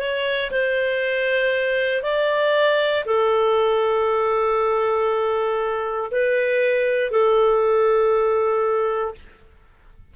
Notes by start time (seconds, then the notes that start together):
0.00 C#5
0.51 C5
2.02 D5
3.06 A4
6.11 B4
7.11 A4